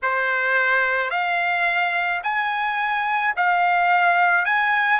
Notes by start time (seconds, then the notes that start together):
0.02 C5
1.10 F5
2.23 G#5
3.36 F5
4.45 G#5